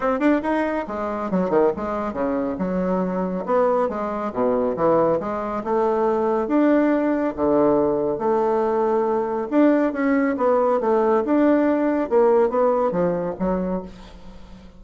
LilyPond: \new Staff \with { instrumentName = "bassoon" } { \time 4/4 \tempo 4 = 139 c'8 d'8 dis'4 gis4 fis8 dis8 | gis4 cis4 fis2 | b4 gis4 b,4 e4 | gis4 a2 d'4~ |
d'4 d2 a4~ | a2 d'4 cis'4 | b4 a4 d'2 | ais4 b4 f4 fis4 | }